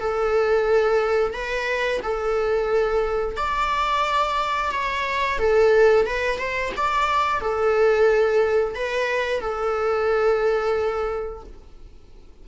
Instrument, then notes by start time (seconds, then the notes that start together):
viola
0.00 A4
1.34 B4
2.03 A4
3.37 D5
4.72 C#5
5.39 A4
6.06 B4
6.39 C5
6.77 D5
7.41 A4
8.75 B4
9.41 A4